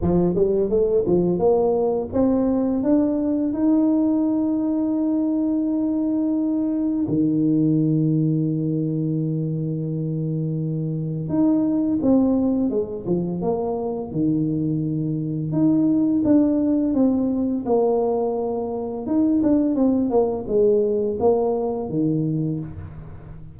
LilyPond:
\new Staff \with { instrumentName = "tuba" } { \time 4/4 \tempo 4 = 85 f8 g8 a8 f8 ais4 c'4 | d'4 dis'2.~ | dis'2 dis2~ | dis1 |
dis'4 c'4 gis8 f8 ais4 | dis2 dis'4 d'4 | c'4 ais2 dis'8 d'8 | c'8 ais8 gis4 ais4 dis4 | }